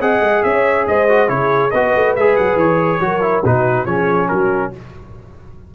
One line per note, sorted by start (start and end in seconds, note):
0.00 0.20 C4
0.00 1.08 G#4
0.00 0.44 D#5
0.00 0.42 F#5
0.20 0.42 G#3
0.42 0.87 C#4
0.42 0.87 C#5
0.42 0.85 E5
0.87 1.29 G#3
0.87 1.30 C5
0.87 1.28 D#5
1.08 1.27 F#4
1.27 1.72 C#3
1.27 1.70 E4
1.27 1.72 G#4
1.27 1.70 C#5
1.70 1.94 B3
1.70 2.18 F#4
1.70 3.01 B4
1.70 2.13 D#5
1.95 2.16 A3
2.15 2.37 G#3
2.15 3.00 G#4
2.15 2.36 E5
2.36 2.56 F#3
2.36 2.57 F#5
2.56 2.98 E3
2.56 3.44 C#5
3.00 3.43 F#3
3.00 3.21 F#4
3.00 3.45 A#4
3.21 3.42 E4
3.44 3.86 B2
3.44 3.87 D#4
3.44 3.85 F#4
3.44 3.85 B4
3.85 4.28 F3
3.85 4.72 C#4
3.85 4.28 G#4
3.85 4.28 C#5
4.28 4.74 F#3
4.28 4.72 F#4
4.28 4.71 A#4